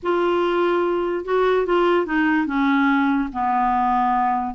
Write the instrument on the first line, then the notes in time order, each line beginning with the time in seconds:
clarinet
0.02 F4
1.24 F#4
1.66 F4
2.06 D#4
2.46 C#4
3.33 B3